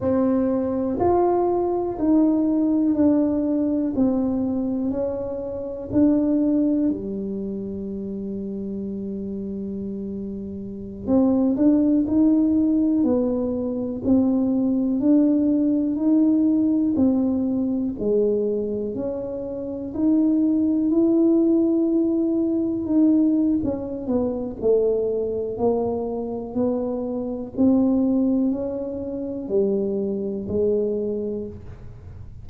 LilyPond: \new Staff \with { instrumentName = "tuba" } { \time 4/4 \tempo 4 = 61 c'4 f'4 dis'4 d'4 | c'4 cis'4 d'4 g4~ | g2.~ g16 c'8 d'16~ | d'16 dis'4 b4 c'4 d'8.~ |
d'16 dis'4 c'4 gis4 cis'8.~ | cis'16 dis'4 e'2 dis'8. | cis'8 b8 a4 ais4 b4 | c'4 cis'4 g4 gis4 | }